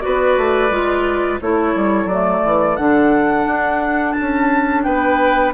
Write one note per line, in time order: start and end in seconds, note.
0.00 0.37 B3
0.00 0.69 F#4
0.00 1.41 B4
0.00 1.39 D5
0.37 0.70 A3
0.70 1.39 G#3
0.70 1.40 F4
1.41 1.75 A3
1.41 2.10 E4
1.41 4.84 A4
1.41 2.08 C#5
1.75 2.05 G3
2.05 2.40 F#3
2.05 2.78 A3
2.05 2.76 D5
2.44 2.78 E3
2.76 3.46 D3
2.76 5.53 D4
2.76 4.12 F#5
3.46 4.15 D4
4.12 4.81 A5
4.20 4.86 C#4
4.83 5.53 B3
4.83 5.53 B4
4.83 5.52 G5